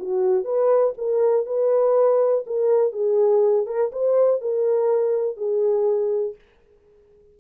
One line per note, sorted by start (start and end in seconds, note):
0.00 0.45 F#4
0.45 0.94 B4
0.98 1.46 A#4
1.46 2.45 B4
2.47 2.93 A#4
2.93 3.67 G#4
3.67 3.91 A#4
3.92 4.42 C5
4.42 5.37 A#4
5.37 6.36 G#4